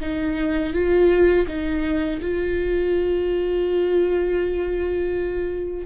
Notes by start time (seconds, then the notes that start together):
0.00 D#4
0.73 F4
1.47 D#4
2.21 F4